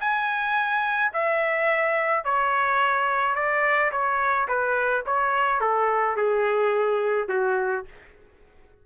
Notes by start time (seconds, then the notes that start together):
0.00 G#5
1.13 E5
2.25 C#5
3.35 D5
3.92 C#5
4.48 B4
5.06 C#5
5.60 A4
6.17 G#4
7.29 F#4